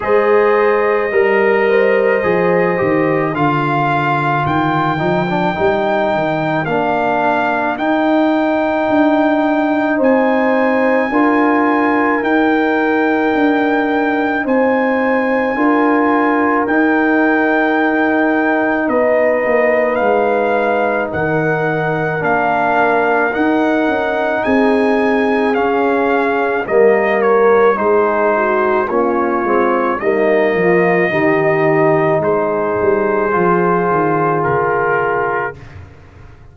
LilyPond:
<<
  \new Staff \with { instrumentName = "trumpet" } { \time 4/4 \tempo 4 = 54 dis''2. f''4 | g''2 f''4 g''4~ | g''4 gis''2 g''4~ | g''4 gis''2 g''4~ |
g''4 dis''4 f''4 fis''4 | f''4 fis''4 gis''4 f''4 | dis''8 cis''8 c''4 cis''4 dis''4~ | dis''4 c''2 ais'4 | }
  \new Staff \with { instrumentName = "horn" } { \time 4/4 c''4 ais'8 c''4. ais'4~ | ais'1~ | ais'4 c''4 ais'2~ | ais'4 c''4 ais'2~ |
ais'4 b'2 ais'4~ | ais'2 gis'2 | ais'4 gis'8 fis'8 f'4 dis'8 f'8 | g'4 gis'2. | }
  \new Staff \with { instrumentName = "trombone" } { \time 4/4 gis'4 ais'4 gis'8 g'8 f'4~ | f'8 dis'16 d'16 dis'4 d'4 dis'4~ | dis'2 f'4 dis'4~ | dis'2 f'4 dis'4~ |
dis'1 | d'4 dis'2 cis'4 | ais4 dis'4 cis'8 c'8 ais4 | dis'2 f'2 | }
  \new Staff \with { instrumentName = "tuba" } { \time 4/4 gis4 g4 f8 dis8 d4 | dis8 f8 g8 dis8 ais4 dis'4 | d'4 c'4 d'4 dis'4 | d'4 c'4 d'4 dis'4~ |
dis'4 b8 ais8 gis4 dis4 | ais4 dis'8 cis'8 c'4 cis'4 | g4 gis4 ais8 gis8 g8 f8 | dis4 gis8 g8 f8 dis8 cis4 | }
>>